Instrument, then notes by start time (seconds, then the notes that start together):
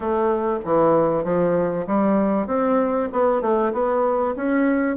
bassoon
0.00 A3
0.64 E3
1.24 F3
1.87 G3
2.47 C4
3.12 B3
3.41 A3
3.73 B3
4.36 C#4